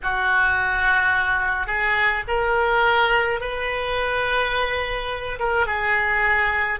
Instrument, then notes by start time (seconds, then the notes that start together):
oboe
0.03 F#4
1.66 G#4
2.27 A#4
3.40 B4
5.39 A#4
5.66 G#4